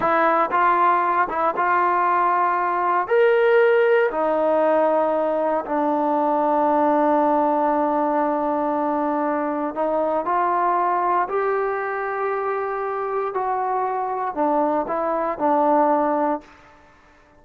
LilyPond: \new Staff \with { instrumentName = "trombone" } { \time 4/4 \tempo 4 = 117 e'4 f'4. e'8 f'4~ | f'2 ais'2 | dis'2. d'4~ | d'1~ |
d'2. dis'4 | f'2 g'2~ | g'2 fis'2 | d'4 e'4 d'2 | }